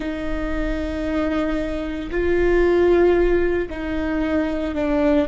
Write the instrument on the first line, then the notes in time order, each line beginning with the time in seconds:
viola
0.00 D#4
2.11 F4
3.69 D#4
4.75 D4